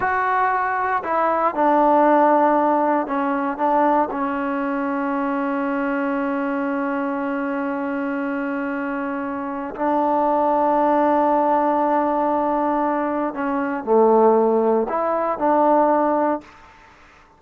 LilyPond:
\new Staff \with { instrumentName = "trombone" } { \time 4/4 \tempo 4 = 117 fis'2 e'4 d'4~ | d'2 cis'4 d'4 | cis'1~ | cis'1~ |
cis'2. d'4~ | d'1~ | d'2 cis'4 a4~ | a4 e'4 d'2 | }